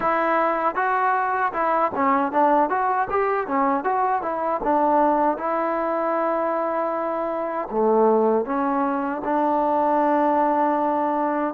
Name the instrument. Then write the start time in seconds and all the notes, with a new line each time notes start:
trombone
0.00 E4
0.75 F#4
1.52 E4
1.94 C#4
2.32 D4
2.69 F#4
3.09 G4
3.47 C#4
3.84 F#4
4.22 E4
4.63 D4
5.37 E4
7.70 A3
8.45 C#4
9.24 D4